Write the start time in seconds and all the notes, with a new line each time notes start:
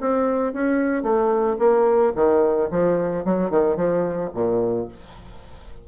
0.00 C4
0.53 C#4
1.03 A3
1.59 A#3
2.16 D#3
2.71 F3
3.25 F#3
3.50 D#3
3.76 F3
4.34 A#2